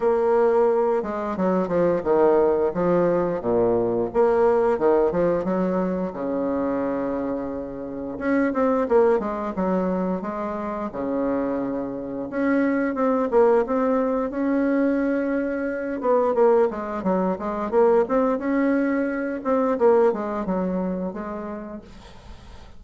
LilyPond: \new Staff \with { instrumentName = "bassoon" } { \time 4/4 \tempo 4 = 88 ais4. gis8 fis8 f8 dis4 | f4 ais,4 ais4 dis8 f8 | fis4 cis2. | cis'8 c'8 ais8 gis8 fis4 gis4 |
cis2 cis'4 c'8 ais8 | c'4 cis'2~ cis'8 b8 | ais8 gis8 fis8 gis8 ais8 c'8 cis'4~ | cis'8 c'8 ais8 gis8 fis4 gis4 | }